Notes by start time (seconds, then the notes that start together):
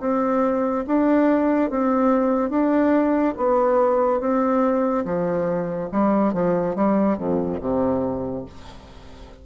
0.00 C4
0.87 D4
1.70 C4
2.50 D4
3.37 B3
4.20 C4
5.05 F3
5.92 G3
6.33 F3
6.75 G3
7.17 F2
7.61 C3